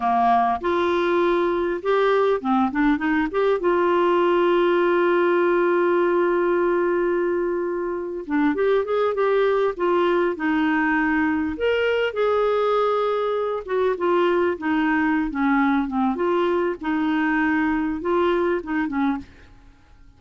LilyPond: \new Staff \with { instrumentName = "clarinet" } { \time 4/4 \tempo 4 = 100 ais4 f'2 g'4 | c'8 d'8 dis'8 g'8 f'2~ | f'1~ | f'4.~ f'16 d'8 g'8 gis'8 g'8.~ |
g'16 f'4 dis'2 ais'8.~ | ais'16 gis'2~ gis'8 fis'8 f'8.~ | f'16 dis'4~ dis'16 cis'4 c'8 f'4 | dis'2 f'4 dis'8 cis'8 | }